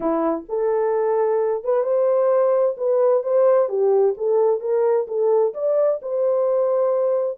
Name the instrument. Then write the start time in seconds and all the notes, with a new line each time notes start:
horn
0.00 E4
0.48 A4
1.63 B4
1.83 C5
2.77 B4
3.23 C5
3.68 G4
4.17 A4
4.60 A#4
5.07 A4
5.54 D5
6.02 C5